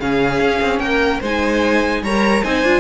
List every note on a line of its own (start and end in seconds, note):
0.00 0.40 C#3
0.00 1.22 C#4
0.00 0.81 G#4
0.00 0.79 F5
0.40 0.60 C#4
0.62 0.79 C4
0.79 1.20 A#3
0.79 1.21 A#4
0.79 1.20 G5
1.21 2.02 G#3
1.21 2.05 D#4
1.21 2.02 C5
1.21 2.04 G#5
2.02 2.42 G3
2.02 2.44 A#4
2.02 2.43 C#5
2.02 2.44 A#5
2.43 2.63 C4
2.43 2.65 D#4
2.43 2.80 C5
2.43 2.80 G#5
2.63 2.80 D4
2.63 2.80 F4